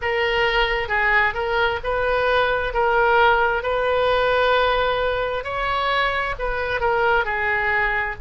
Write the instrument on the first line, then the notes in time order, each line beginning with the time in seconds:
oboe
0.01 A#4
0.88 G#4
1.34 A#4
1.83 B4
2.73 A#4
3.62 B4
5.43 C#5
6.38 B4
6.80 A#4
7.24 G#4